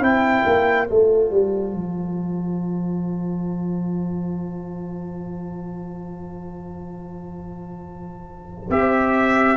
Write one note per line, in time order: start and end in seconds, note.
0.00 0.43 C4
0.00 0.87 E4
0.00 9.57 C5
0.00 0.88 G5
0.46 0.89 A#3
0.88 1.30 A3
0.88 8.70 F4
0.88 8.70 A5
1.30 1.73 G3
1.73 8.69 F3
8.70 9.57 C4
8.70 9.57 G4
8.70 9.57 E5